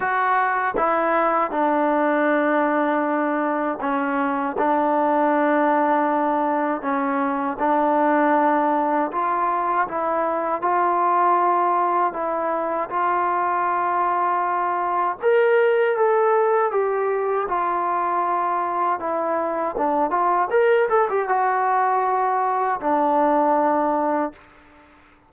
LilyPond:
\new Staff \with { instrumentName = "trombone" } { \time 4/4 \tempo 4 = 79 fis'4 e'4 d'2~ | d'4 cis'4 d'2~ | d'4 cis'4 d'2 | f'4 e'4 f'2 |
e'4 f'2. | ais'4 a'4 g'4 f'4~ | f'4 e'4 d'8 f'8 ais'8 a'16 g'16 | fis'2 d'2 | }